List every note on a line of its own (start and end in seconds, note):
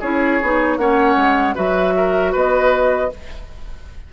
0.00 0.41 C#4
0.00 0.41 E4
0.00 0.77 G#4
0.00 0.78 C#5
0.42 0.77 B3
0.42 0.79 D#4
0.77 1.16 A#3
0.77 1.55 C#4
0.77 1.55 C#5
0.77 1.55 F#5
1.16 1.54 G#3
1.55 2.34 F#3
1.55 3.09 F#4
1.55 1.93 B4
1.55 2.33 E5
1.97 2.32 A#4
2.32 3.11 B3
2.32 3.09 B4
2.32 3.13 D#5